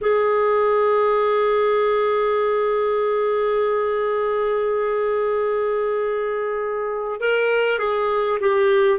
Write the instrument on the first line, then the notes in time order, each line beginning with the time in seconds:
clarinet
0.01 G#4
7.20 A#4
7.78 G#4
8.40 G4